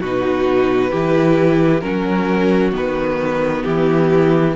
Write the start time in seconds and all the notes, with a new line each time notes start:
0.00 B2 D#4 F#4 B4
0.91 E3 E4 G4
1.80 F#3 C#4 F#4 A#4
2.72 D#3 B3 B4
3.63 E3 E4 G4